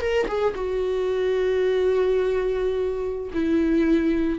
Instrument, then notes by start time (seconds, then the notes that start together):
viola
0.00 A#4
0.27 G#4
0.54 F#4
3.33 E4